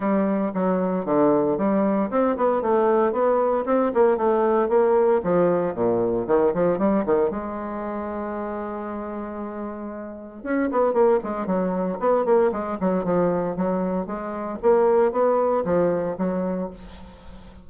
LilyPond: \new Staff \with { instrumentName = "bassoon" } { \time 4/4 \tempo 4 = 115 g4 fis4 d4 g4 | c'8 b8 a4 b4 c'8 ais8 | a4 ais4 f4 ais,4 | dis8 f8 g8 dis8 gis2~ |
gis1 | cis'8 b8 ais8 gis8 fis4 b8 ais8 | gis8 fis8 f4 fis4 gis4 | ais4 b4 f4 fis4 | }